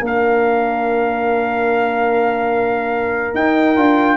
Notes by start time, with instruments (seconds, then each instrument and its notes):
0.00 tuba A#3, trombone D4, horn A#4
0.06 trumpet F5
3.34 trombone D#4, tuba D#4, trumpet G5
3.76 tuba D4, trombone F4